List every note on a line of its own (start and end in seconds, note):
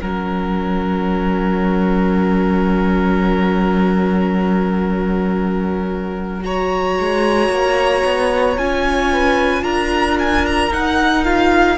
0.00 6.98 F#3
0.00 6.39 C#4
0.00 6.43 A#4
0.00 6.44 F#5
6.39 8.54 F#4
6.39 8.58 A#5
6.45 9.12 C#5
7.00 7.49 G#3
7.49 8.03 A#3
8.05 8.57 B3
8.57 9.62 C#4
8.57 10.72 F4
8.57 9.63 G#5
9.12 9.63 B4
9.62 10.70 D4
9.62 11.77 A#4
9.62 10.17 A#5
10.19 10.46 G#5
10.46 10.73 A#5
10.71 11.77 D#4
10.71 11.25 D#4
10.71 11.24 F#5
11.24 11.77 F4
11.24 11.77 F5